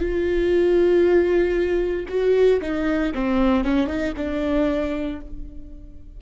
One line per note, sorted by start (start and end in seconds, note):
0.00 2.07 F4
2.09 2.61 F#4
2.61 3.13 D#4
3.15 3.65 C4
3.65 3.87 C#4
3.87 4.13 D#4
4.17 5.21 D4